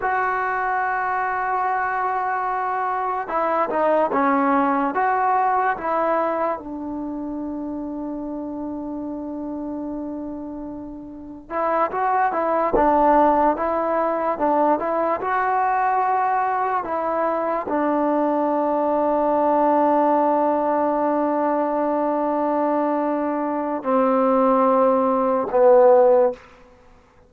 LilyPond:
\new Staff \with { instrumentName = "trombone" } { \time 4/4 \tempo 4 = 73 fis'1 | e'8 dis'8 cis'4 fis'4 e'4 | d'1~ | d'2 e'8 fis'8 e'8 d'8~ |
d'8 e'4 d'8 e'8 fis'4.~ | fis'8 e'4 d'2~ d'8~ | d'1~ | d'4 c'2 b4 | }